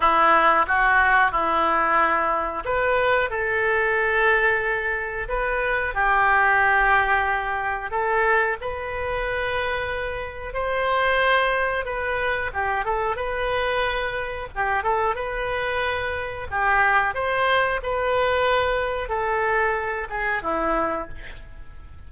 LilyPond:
\new Staff \with { instrumentName = "oboe" } { \time 4/4 \tempo 4 = 91 e'4 fis'4 e'2 | b'4 a'2. | b'4 g'2. | a'4 b'2. |
c''2 b'4 g'8 a'8 | b'2 g'8 a'8 b'4~ | b'4 g'4 c''4 b'4~ | b'4 a'4. gis'8 e'4 | }